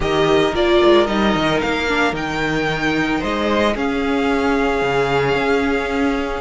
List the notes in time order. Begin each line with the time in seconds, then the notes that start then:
0.00 D#3 G4 A#4 D#5
0.54 A#3 F4 D5
0.84 G#3
1.06 G3 D#4 D#5
1.35 D#3
1.61 A#3 F5
1.87 D4
2.12 D#3 D#4 G5
3.19 G#3 C5 D#5
3.75 C#4 G#4 F5
4.81 C#3
5.34 C#4